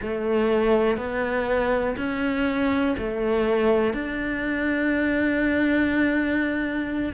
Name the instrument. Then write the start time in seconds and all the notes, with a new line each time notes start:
cello
0.01 A3
0.97 B3
1.97 C#4
2.98 A3
3.93 D4